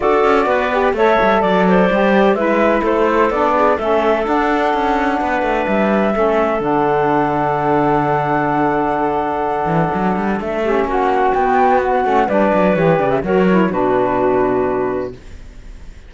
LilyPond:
<<
  \new Staff \with { instrumentName = "flute" } { \time 4/4 \tempo 4 = 127 d''2 e''4 d''4~ | d''4 e''4 c''4 d''4 | e''4 fis''2. | e''2 fis''2~ |
fis''1~ | fis''2 e''4 fis''4 | g''4 fis''4 d''4 cis''8 d''16 e''16 | cis''4 b'2. | }
  \new Staff \with { instrumentName = "clarinet" } { \time 4/4 a'4 b'4 cis''4 d''8 c''8~ | c''4 b'4 a'4. gis'8 | a'2. b'4~ | b'4 a'2.~ |
a'1~ | a'2~ a'8 g'8 fis'4~ | fis'2 b'2 | ais'4 fis'2. | }
  \new Staff \with { instrumentName = "saxophone" } { \time 4/4 fis'4. g'8 a'2 | g'4 e'2 d'4 | cis'4 d'2.~ | d'4 cis'4 d'2~ |
d'1~ | d'2~ d'8 cis'4. | b4. cis'8 d'4 g'4 | fis'8 e'8 d'2. | }
  \new Staff \with { instrumentName = "cello" } { \time 4/4 d'8 cis'8 b4 a8 g8 fis4 | g4 gis4 a4 b4 | a4 d'4 cis'4 b8 a8 | g4 a4 d2~ |
d1~ | d8 e8 fis8 g8 a4 ais4 | b4. a8 g8 fis8 e8 cis8 | fis4 b,2. | }
>>